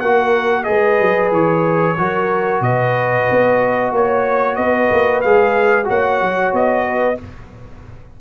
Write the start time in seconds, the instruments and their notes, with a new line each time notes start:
0.00 tuba A#3, trombone F#4, horn A#4, trumpet F#5
0.64 tuba G#3, trombone G#4, horn B4, trumpet D#5
1.00 tuba F#3
1.31 tuba E3, trumpet C#5
1.97 tuba F#3, trombone F#4, horn A#4
2.61 tuba B2, horn B4, trumpet D#5
3.30 tuba B3
3.91 tuba A#3, horn C#5, trumpet C#5
4.56 tuba B3, horn B4, trumpet D#5
4.91 tuba A#3
5.21 tuba G#3, trombone G#4, trumpet F5
5.84 tuba A#3, trombone F#4, horn C#5, trumpet F#5
6.21 tuba F#3
6.53 tuba B3, trumpet D#5
6.86 horn B4